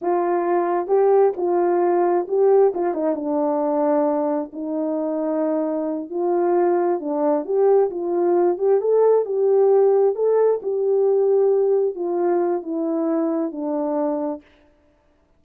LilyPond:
\new Staff \with { instrumentName = "horn" } { \time 4/4 \tempo 4 = 133 f'2 g'4 f'4~ | f'4 g'4 f'8 dis'8 d'4~ | d'2 dis'2~ | dis'4. f'2 d'8~ |
d'8 g'4 f'4. g'8 a'8~ | a'8 g'2 a'4 g'8~ | g'2~ g'8 f'4. | e'2 d'2 | }